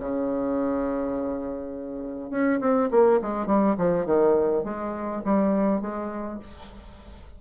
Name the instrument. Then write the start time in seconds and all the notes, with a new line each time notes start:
bassoon
0.00 C#3
2.31 C#4
2.61 C4
2.91 A#3
3.22 G#3
3.47 G3
3.78 F3
4.06 D#3
4.64 G#3
5.25 G3
5.81 G#3